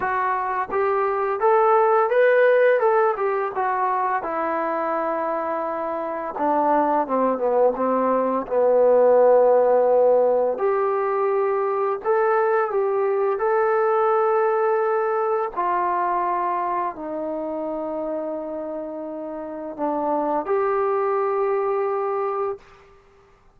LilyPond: \new Staff \with { instrumentName = "trombone" } { \time 4/4 \tempo 4 = 85 fis'4 g'4 a'4 b'4 | a'8 g'8 fis'4 e'2~ | e'4 d'4 c'8 b8 c'4 | b2. g'4~ |
g'4 a'4 g'4 a'4~ | a'2 f'2 | dis'1 | d'4 g'2. | }